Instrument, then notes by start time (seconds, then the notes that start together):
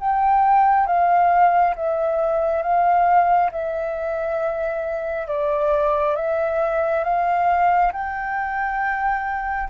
flute
0.00 G5
0.86 F5
1.76 E5
2.62 F5
3.51 E5
5.28 D5
6.16 E5
7.04 F5
7.92 G5